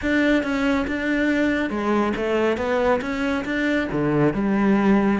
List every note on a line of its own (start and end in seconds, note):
0.02 0.43 D4
0.43 0.86 C#4
0.87 1.70 D4
1.70 2.13 G#3
2.16 2.57 A3
2.57 3.00 B3
3.01 3.44 C#4
3.44 3.88 D4
3.92 4.33 D3
4.33 5.19 G3